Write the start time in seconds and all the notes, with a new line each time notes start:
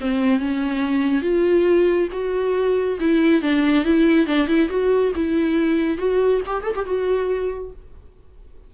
0.00 C4
0.39 C#4
1.21 F4
2.12 F#4
2.99 E4
3.41 D4
3.84 E4
4.26 D4
4.47 E4
4.69 F#4
5.15 E4
5.97 F#4
6.46 G4
6.63 A4
6.75 G4
6.84 F#4